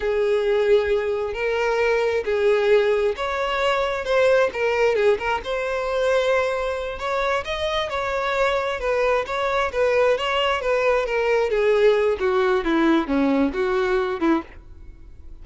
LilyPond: \new Staff \with { instrumentName = "violin" } { \time 4/4 \tempo 4 = 133 gis'2. ais'4~ | ais'4 gis'2 cis''4~ | cis''4 c''4 ais'4 gis'8 ais'8 | c''2.~ c''8 cis''8~ |
cis''8 dis''4 cis''2 b'8~ | b'8 cis''4 b'4 cis''4 b'8~ | b'8 ais'4 gis'4. fis'4 | e'4 cis'4 fis'4. e'8 | }